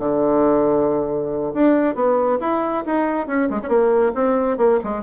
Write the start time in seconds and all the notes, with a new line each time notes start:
0.00 D3
1.54 D4
1.95 B3
2.41 E4
2.86 D#4
3.27 C#4
3.50 G#3
3.63 C#4
3.69 A#3
4.15 C4
4.58 A#3
4.84 G#3